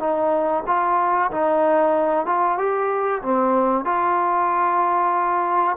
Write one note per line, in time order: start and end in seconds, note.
0.00 0.64 D#4
0.67 1.31 F4
1.32 2.26 D#4
2.26 2.58 F4
2.58 3.22 G4
3.22 3.85 C4
3.85 5.77 F4